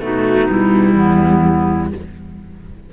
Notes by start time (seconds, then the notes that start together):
0.00 B2 A3 D#4 F#4
0.50 G3 E4
0.94 E2 B3